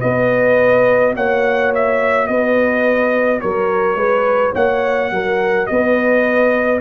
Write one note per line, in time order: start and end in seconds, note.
0.00 1.16 B3
0.00 6.79 F#4
0.00 1.15 B4
0.00 1.14 D#5
1.16 2.28 A#3
1.16 2.30 C#5
1.16 1.73 F#5
1.75 2.27 E5
2.27 3.42 B3
2.27 3.43 B4
2.27 3.40 D#5
3.41 3.95 F#3
3.41 3.97 A#4
3.41 4.54 C#5
3.95 4.52 G#3
3.95 4.53 B4
4.53 5.11 A#3
4.53 5.10 C#5
4.53 5.67 F#5
5.11 5.68 F#3
5.11 5.70 A#4
5.67 6.81 B3
5.67 6.81 B4
5.67 6.80 D#5